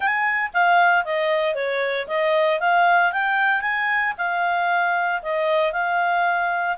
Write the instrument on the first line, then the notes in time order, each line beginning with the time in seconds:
clarinet
0.00 G#5
0.53 F5
1.05 D#5
1.55 C#5
2.07 D#5
2.60 F5
3.12 G5
3.61 G#5
4.17 F5
5.22 D#5
5.72 F5